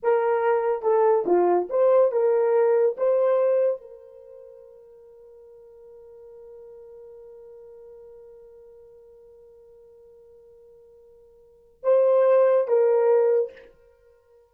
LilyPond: \new Staff \with { instrumentName = "horn" } { \time 4/4 \tempo 4 = 142 ais'2 a'4 f'4 | c''4 ais'2 c''4~ | c''4 ais'2.~ | ais'1~ |
ais'1~ | ais'1~ | ais'1 | c''2 ais'2 | }